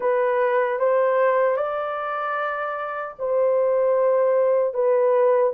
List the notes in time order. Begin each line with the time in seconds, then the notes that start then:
0.00 B4
0.79 C5
1.56 D5
3.18 C5
4.74 B4